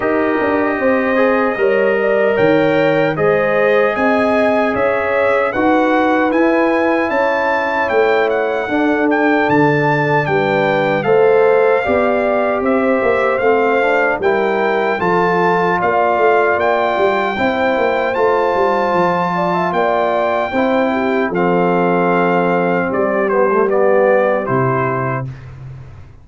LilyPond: <<
  \new Staff \with { instrumentName = "trumpet" } { \time 4/4 \tempo 4 = 76 dis''2. g''4 | dis''4 gis''4 e''4 fis''4 | gis''4 a''4 g''8 fis''4 g''8 | a''4 g''4 f''2 |
e''4 f''4 g''4 a''4 | f''4 g''2 a''4~ | a''4 g''2 f''4~ | f''4 d''8 c''8 d''4 c''4 | }
  \new Staff \with { instrumentName = "horn" } { \time 4/4 ais'4 c''4 cis''8 d''8 cis''4 | c''4 dis''4 cis''4 b'4~ | b'4 cis''2 a'4~ | a'4 b'4 c''4 d''4 |
c''2 ais'4 a'4 | d''2 c''2~ | c''8 d''16 e''16 d''4 c''8 g'8 a'4~ | a'4 g'2. | }
  \new Staff \with { instrumentName = "trombone" } { \time 4/4 g'4. gis'8 ais'2 | gis'2. fis'4 | e'2. d'4~ | d'2 a'4 g'4~ |
g'4 c'8 d'8 e'4 f'4~ | f'2 e'4 f'4~ | f'2 e'4 c'4~ | c'4. b16 a16 b4 e'4 | }
  \new Staff \with { instrumentName = "tuba" } { \time 4/4 dis'8 d'8 c'4 g4 dis4 | gis4 c'4 cis'4 dis'4 | e'4 cis'4 a4 d'4 | d4 g4 a4 b4 |
c'8 ais8 a4 g4 f4 | ais8 a8 ais8 g8 c'8 ais8 a8 g8 | f4 ais4 c'4 f4~ | f4 g2 c4 | }
>>